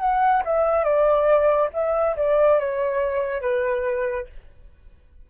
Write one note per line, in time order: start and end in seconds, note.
0.00 0.43 F#5
0.45 0.84 E5
0.84 1.70 D5
1.73 2.16 E5
2.17 2.59 D5
2.59 3.41 C#5
3.41 4.27 B4